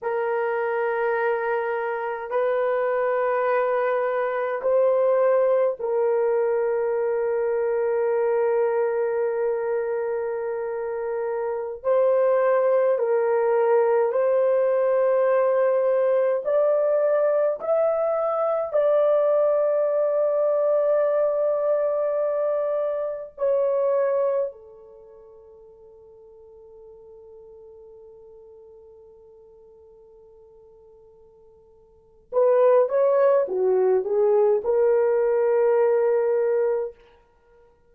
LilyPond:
\new Staff \with { instrumentName = "horn" } { \time 4/4 \tempo 4 = 52 ais'2 b'2 | c''4 ais'2.~ | ais'2~ ais'16 c''4 ais'8.~ | ais'16 c''2 d''4 e''8.~ |
e''16 d''2.~ d''8.~ | d''16 cis''4 a'2~ a'8.~ | a'1 | b'8 cis''8 fis'8 gis'8 ais'2 | }